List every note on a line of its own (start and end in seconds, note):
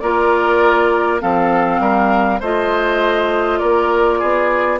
0.00 1.22 A#3
0.00 1.20 F4
0.00 1.22 A#4
0.00 1.20 D5
1.20 1.79 F3
1.20 2.40 C4
1.20 1.80 A4
1.20 2.41 F5
1.79 2.39 G3
1.79 2.40 A#4
2.40 3.60 A3
2.40 4.80 F4
2.40 3.59 C5
2.40 3.58 D#5
3.58 4.21 A#3
3.58 4.19 A#4
3.58 4.78 D5
4.19 4.80 B3
4.19 4.79 G#4